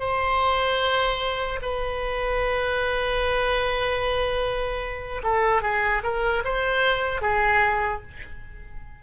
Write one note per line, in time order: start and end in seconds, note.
0.00 1.60 C5
1.63 5.23 B4
5.24 5.63 A4
5.63 6.03 G#4
6.04 6.44 A#4
6.45 7.22 C5
7.22 8.02 G#4